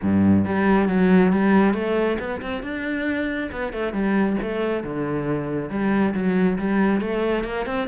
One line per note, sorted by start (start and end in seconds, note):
0.02 0.45 G2
0.45 0.88 G3
0.88 1.32 F#3
1.32 1.74 G3
1.74 2.18 A3
2.19 2.41 B3
2.41 2.62 C4
2.62 3.50 D4
3.51 3.72 B3
3.72 3.92 A3
3.92 4.36 G3
4.41 4.83 A3
4.83 5.70 D3
5.70 6.13 G3
6.14 6.58 F#3
6.58 7.01 G3
7.01 7.44 A3
7.44 7.66 A#3
7.66 7.88 C4